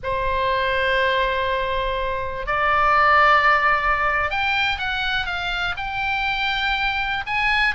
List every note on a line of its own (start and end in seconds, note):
0.03 2.46 C5
2.46 4.30 D5
4.30 4.78 G5
4.78 5.25 F#5
5.25 5.75 F5
5.76 7.24 G5
7.26 7.74 G#5